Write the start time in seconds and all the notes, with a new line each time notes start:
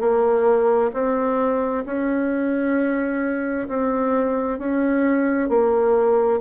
0.00 A#3
0.93 C4
1.86 C#4
3.68 C4
4.59 C#4
5.49 A#3